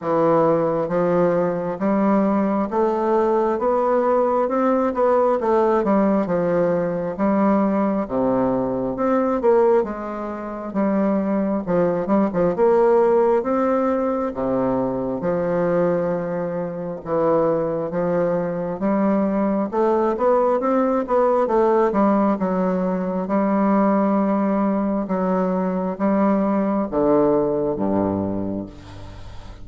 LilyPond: \new Staff \with { instrumentName = "bassoon" } { \time 4/4 \tempo 4 = 67 e4 f4 g4 a4 | b4 c'8 b8 a8 g8 f4 | g4 c4 c'8 ais8 gis4 | g4 f8 g16 f16 ais4 c'4 |
c4 f2 e4 | f4 g4 a8 b8 c'8 b8 | a8 g8 fis4 g2 | fis4 g4 d4 g,4 | }